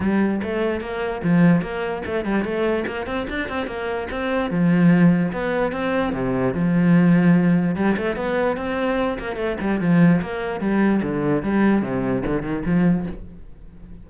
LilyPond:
\new Staff \with { instrumentName = "cello" } { \time 4/4 \tempo 4 = 147 g4 a4 ais4 f4 | ais4 a8 g8 a4 ais8 c'8 | d'8 c'8 ais4 c'4 f4~ | f4 b4 c'4 c4 |
f2. g8 a8 | b4 c'4. ais8 a8 g8 | f4 ais4 g4 d4 | g4 c4 d8 dis8 f4 | }